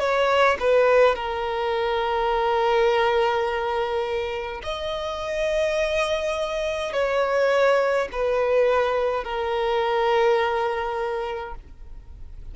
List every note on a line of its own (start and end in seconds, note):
0.00 0.58 C#5
0.60 1.15 B4
1.15 4.62 A#4
4.64 6.93 D#5
6.93 8.09 C#5
8.12 9.24 B4
9.24 11.55 A#4